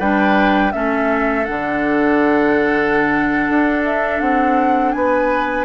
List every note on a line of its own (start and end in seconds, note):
0.00 0.73 G3
0.00 0.73 D4
0.00 0.73 B4
0.00 0.73 G5
0.73 1.49 A3
0.73 1.46 C#4
0.73 4.96 A4
0.73 1.45 E5
1.45 3.50 D3
1.45 5.66 D4
1.45 3.83 F#5
3.50 4.21 D4
3.85 4.21 E5
4.21 4.94 C4
4.21 4.92 F#5
4.92 5.66 B3
4.92 5.66 B4
4.92 5.66 G#5